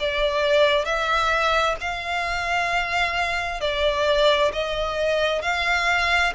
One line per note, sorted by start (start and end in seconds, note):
0.00 0.85 D5
0.85 1.76 E5
1.81 3.61 F5
3.61 4.52 D5
4.53 5.42 D#5
5.42 6.33 F5